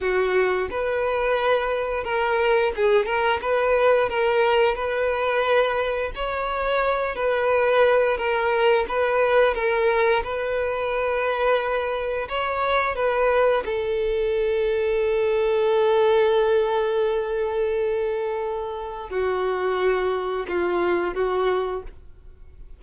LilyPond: \new Staff \with { instrumentName = "violin" } { \time 4/4 \tempo 4 = 88 fis'4 b'2 ais'4 | gis'8 ais'8 b'4 ais'4 b'4~ | b'4 cis''4. b'4. | ais'4 b'4 ais'4 b'4~ |
b'2 cis''4 b'4 | a'1~ | a'1 | fis'2 f'4 fis'4 | }